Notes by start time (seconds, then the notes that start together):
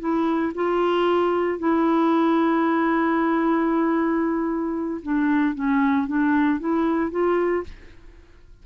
0.00 E4
0.56 F4
1.59 E4
5.03 D4
5.55 C#4
6.07 D4
6.60 E4
7.11 F4